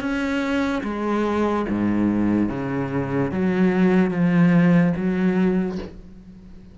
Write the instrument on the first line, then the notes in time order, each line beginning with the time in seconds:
cello
0.00 C#4
0.84 G#3
1.68 G#2
2.49 C#3
3.31 F#3
4.11 F3
4.96 F#3